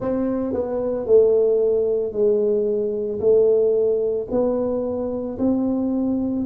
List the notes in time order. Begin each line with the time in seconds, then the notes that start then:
0.00 C4
0.53 B3
1.06 A3
2.12 G#3
3.19 A3
4.31 B3
5.38 C4